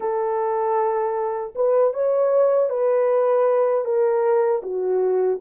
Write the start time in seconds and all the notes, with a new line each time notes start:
0.00 A4
1.55 B4
1.93 C#5
2.69 B4
3.84 A#4
4.62 F#4